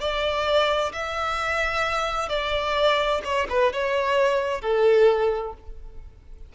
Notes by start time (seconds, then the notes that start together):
0.00 D5
0.93 E5
2.29 D5
3.24 C#5
3.50 B4
3.73 C#5
4.61 A4